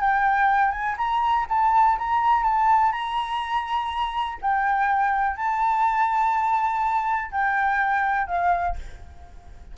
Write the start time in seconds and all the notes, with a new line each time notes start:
0.00 G5
0.71 G#5
0.97 A#5
1.49 A5
1.98 A#5
2.43 A5
2.92 A#5
4.41 G5
5.36 A5
7.31 G5
8.27 F5